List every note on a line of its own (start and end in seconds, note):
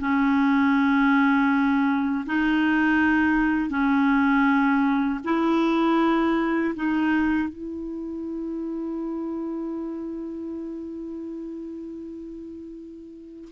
0.00 2.25 C#4
2.26 3.70 D#4
3.70 5.20 C#4
5.24 6.74 E4
6.75 7.48 D#4
7.48 13.48 E4